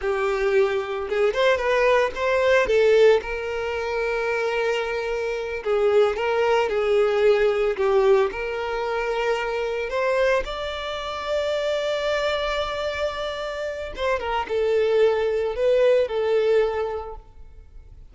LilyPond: \new Staff \with { instrumentName = "violin" } { \time 4/4 \tempo 4 = 112 g'2 gis'8 c''8 b'4 | c''4 a'4 ais'2~ | ais'2~ ais'8 gis'4 ais'8~ | ais'8 gis'2 g'4 ais'8~ |
ais'2~ ais'8 c''4 d''8~ | d''1~ | d''2 c''8 ais'8 a'4~ | a'4 b'4 a'2 | }